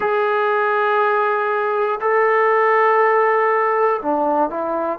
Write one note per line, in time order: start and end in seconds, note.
0.00 2.00 G#4
2.00 4.00 A4
4.02 4.50 D4
4.50 4.99 E4